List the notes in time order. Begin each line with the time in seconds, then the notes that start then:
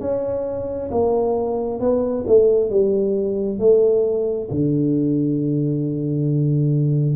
0.00 C#4
0.91 A#3
1.80 B3
2.27 A3
2.69 G3
3.59 A3
4.51 D3